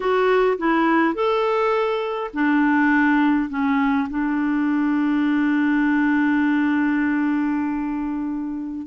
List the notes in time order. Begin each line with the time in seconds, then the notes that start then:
0.00 F#4
0.57 E4
1.14 A4
2.33 D4
3.49 C#4
4.09 D4